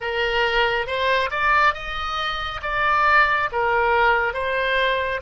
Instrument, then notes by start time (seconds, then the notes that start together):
oboe
0.00 A#4
0.86 C5
1.30 D5
1.74 D#5
2.62 D5
3.51 A#4
4.33 C5